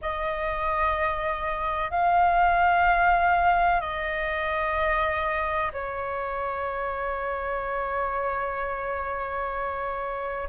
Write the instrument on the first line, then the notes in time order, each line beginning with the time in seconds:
flute
0.01 D#5
1.90 F5
3.81 D#5
5.72 C#5